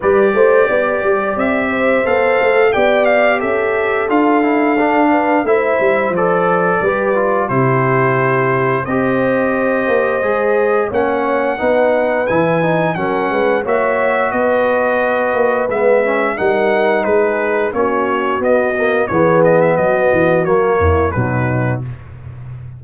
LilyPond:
<<
  \new Staff \with { instrumentName = "trumpet" } { \time 4/4 \tempo 4 = 88 d''2 e''4 f''4 | g''8 f''8 e''4 f''2 | e''4 d''2 c''4~ | c''4 dis''2. |
fis''2 gis''4 fis''4 | e''4 dis''2 e''4 | fis''4 b'4 cis''4 dis''4 | cis''8 dis''16 e''16 dis''4 cis''4 b'4 | }
  \new Staff \with { instrumentName = "horn" } { \time 4/4 b'8 c''8 d''4. c''4. | d''4 a'2~ a'8 b'8 | c''2 b'4 g'4~ | g'4 c''2. |
cis''4 b'2 ais'8 b'8 | cis''4 b'2. | ais'4 gis'4 fis'2 | gis'4 fis'4. e'8 dis'4 | }
  \new Staff \with { instrumentName = "trombone" } { \time 4/4 g'2. a'4 | g'2 f'8 e'8 d'4 | e'4 a'4 g'8 f'8 e'4~ | e'4 g'2 gis'4 |
cis'4 dis'4 e'8 dis'8 cis'4 | fis'2. b8 cis'8 | dis'2 cis'4 b8 ais8 | b2 ais4 fis4 | }
  \new Staff \with { instrumentName = "tuba" } { \time 4/4 g8 a8 b8 g8 c'4 b8 a8 | b4 cis'4 d'2 | a8 g8 f4 g4 c4~ | c4 c'4. ais8 gis4 |
ais4 b4 e4 fis8 gis8 | ais4 b4. ais8 gis4 | g4 gis4 ais4 b4 | e4 fis8 e8 fis8 e,8 b,4 | }
>>